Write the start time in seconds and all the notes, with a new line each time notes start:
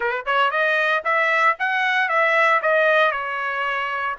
0.00 B4
0.25 C#5
0.50 D#5
1.04 E5
1.59 F#5
2.08 E5
2.62 D#5
3.11 C#5